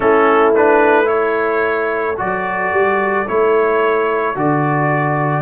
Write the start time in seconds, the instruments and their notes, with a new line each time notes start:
0.00 tuba A3, trombone C#4, horn E4, trumpet A4
0.55 trombone D4, trumpet B4
1.05 trombone E4, horn A4, trumpet C#5
2.17 tuba F#3, trombone F#4, trumpet D5
2.72 tuba G3
3.27 tuba A3, trombone E4, trumpet C#5
4.35 tuba D3, trombone F#4, trumpet D5